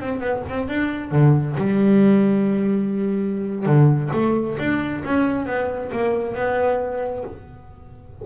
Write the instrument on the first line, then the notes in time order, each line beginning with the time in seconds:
double bass
0.00 C4
0.20 B3
0.49 C4
0.68 D4
1.11 D3
1.57 G3
3.66 D3
4.13 A3
4.59 D4
5.04 C#4
5.46 B3
5.92 A#3
6.35 B3